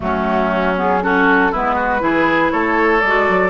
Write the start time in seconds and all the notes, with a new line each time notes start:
0.00 F#3 A3 C#4 F#4
0.76 B3 G#4
1.02 C#4 F#4 A4
1.51 G#3 B3 E4 B4
1.75 F#4
1.99 E3 E4 G#4
2.51 A3 A4 C#5
3.01 G#3 F#4 D5
3.29 F#3